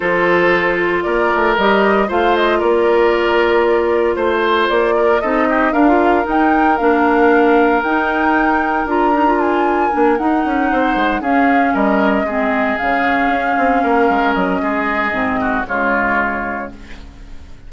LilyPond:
<<
  \new Staff \with { instrumentName = "flute" } { \time 4/4 \tempo 4 = 115 c''2 d''4 dis''4 | f''8 dis''8 d''2. | c''4 d''4 dis''4 f''4 | g''4 f''2 g''4~ |
g''4 ais''4 gis''4. fis''8~ | fis''4. f''4 dis''4.~ | dis''8 f''2. dis''8~ | dis''2 cis''2 | }
  \new Staff \with { instrumentName = "oboe" } { \time 4/4 a'2 ais'2 | c''4 ais'2. | c''4. ais'8 a'8 g'8 ais'4~ | ais'1~ |
ais'1~ | ais'8 c''4 gis'4 ais'4 gis'8~ | gis'2~ gis'8 ais'4. | gis'4. fis'8 f'2 | }
  \new Staff \with { instrumentName = "clarinet" } { \time 4/4 f'2. g'4 | f'1~ | f'2 dis'4 d'16 f'8. | dis'4 d'2 dis'4~ |
dis'4 f'8 dis'16 f'4~ f'16 d'8 dis'8~ | dis'4. cis'2 c'8~ | c'8 cis'2.~ cis'8~ | cis'4 c'4 gis2 | }
  \new Staff \with { instrumentName = "bassoon" } { \time 4/4 f2 ais8 a8 g4 | a4 ais2. | a4 ais4 c'4 d'4 | dis'4 ais2 dis'4~ |
dis'4 d'2 ais8 dis'8 | cis'8 c'8 gis8 cis'4 g4 gis8~ | gis8 cis4 cis'8 c'8 ais8 gis8 fis8 | gis4 gis,4 cis2 | }
>>